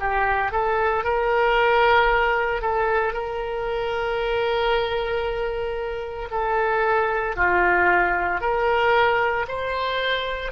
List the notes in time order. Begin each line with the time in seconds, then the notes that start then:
0.00 G4
0.52 A4
1.04 A#4
2.62 A4
3.14 A#4
6.31 A4
7.36 F4
8.41 A#4
9.48 C5